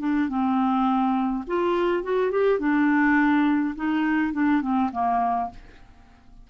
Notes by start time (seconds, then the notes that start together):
0.00 D4
0.29 C4
1.47 F4
2.03 F#4
2.31 G4
2.60 D4
3.76 D#4
4.33 D4
4.62 C4
4.92 A#3